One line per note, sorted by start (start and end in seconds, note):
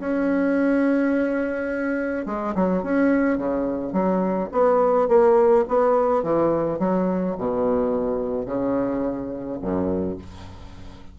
0.00 2.26 C#4
2.26 2.54 G#3
2.55 2.83 F#3
2.83 3.38 C#4
3.38 3.93 C#3
3.93 4.49 F#3
4.52 5.08 B3
5.08 5.65 A#3
5.68 6.23 B3
6.23 6.79 E3
6.79 7.36 F#3
7.38 8.46 B2
8.46 9.59 C#3
9.62 10.18 F#2